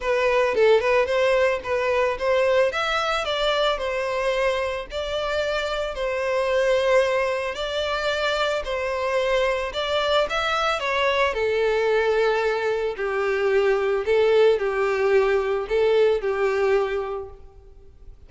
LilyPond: \new Staff \with { instrumentName = "violin" } { \time 4/4 \tempo 4 = 111 b'4 a'8 b'8 c''4 b'4 | c''4 e''4 d''4 c''4~ | c''4 d''2 c''4~ | c''2 d''2 |
c''2 d''4 e''4 | cis''4 a'2. | g'2 a'4 g'4~ | g'4 a'4 g'2 | }